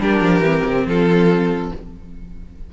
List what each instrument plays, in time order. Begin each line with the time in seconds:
0.00 cello G3, viola D4, violin G4 A#4
0.21 cello F3
0.41 cello E3, viola C4
0.65 cello C3
0.87 cello F3, violin F4 A4